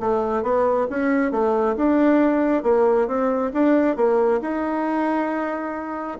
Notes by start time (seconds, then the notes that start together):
0.00 A3
0.43 B3
0.90 C#4
1.32 A3
1.76 D4
2.64 A#3
3.08 C4
3.53 D4
3.97 A#3
4.42 D#4